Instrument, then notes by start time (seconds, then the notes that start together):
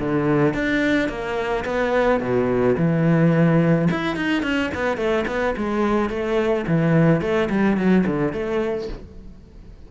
cello
0.00 D3
0.54 D4
1.09 A#3
1.65 B3
2.21 B2
2.78 E3
3.91 E4
4.16 D#4
4.43 C#4
4.75 B3
4.97 A3
5.28 B3
5.57 G#3
6.10 A3
6.67 E3
7.21 A3
7.49 G3
7.77 F#3
8.07 D3
8.33 A3